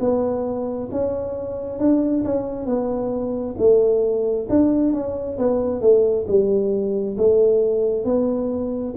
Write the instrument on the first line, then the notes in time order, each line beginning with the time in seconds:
tuba
0.00 B3
0.92 C#4
1.79 D4
2.25 C#4
2.66 B3
3.58 A3
4.49 D4
4.93 C#4
5.39 B3
5.81 A3
6.27 G3
7.18 A3
8.05 B3